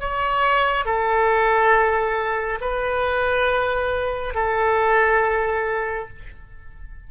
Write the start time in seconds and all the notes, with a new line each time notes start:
0.00 C#5
0.85 A4
2.61 B4
4.35 A4